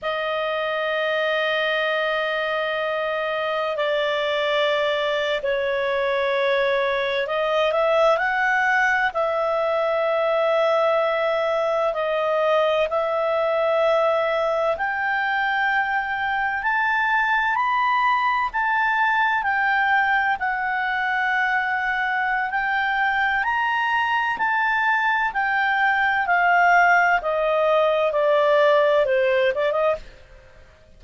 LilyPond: \new Staff \with { instrumentName = "clarinet" } { \time 4/4 \tempo 4 = 64 dis''1 | d''4.~ d''16 cis''2 dis''16~ | dis''16 e''8 fis''4 e''2~ e''16~ | e''8. dis''4 e''2 g''16~ |
g''4.~ g''16 a''4 b''4 a''16~ | a''8. g''4 fis''2~ fis''16 | g''4 ais''4 a''4 g''4 | f''4 dis''4 d''4 c''8 d''16 dis''16 | }